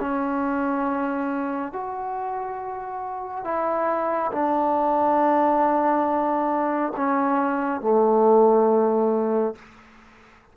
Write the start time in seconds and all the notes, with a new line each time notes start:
0.00 C#4
1.72 F#4
3.44 E4
4.32 D4
6.96 C#4
7.81 A3